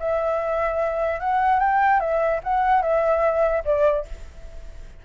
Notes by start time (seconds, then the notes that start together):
0.00 E5
1.20 F#5
1.60 G5
2.00 E5
2.44 F#5
2.82 E5
3.65 D5